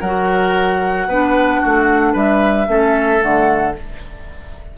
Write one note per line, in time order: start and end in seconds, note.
0.00 1.07 F#3
0.00 1.10 F#4
0.00 1.07 A#4
0.00 2.15 F#5
1.07 1.61 B3
1.07 2.67 D4
1.07 1.61 B4
1.61 2.15 A3
1.61 2.13 F#4
2.13 2.67 G3
2.13 2.66 B4
2.13 3.22 E5
2.67 3.21 A3
2.67 3.19 C#4
2.67 3.78 A4
3.19 3.76 D3
3.19 3.73 A3
3.19 3.76 F#5